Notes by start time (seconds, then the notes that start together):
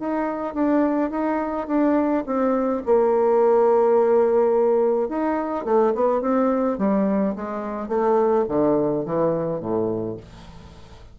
0.00 D#4
0.54 D4
1.11 D#4
1.68 D4
2.26 C4
2.86 A#3
5.09 D#4
5.65 A3
5.95 B3
6.22 C4
6.78 G3
7.36 G#3
7.89 A3
8.49 D3
9.06 E3
9.60 A2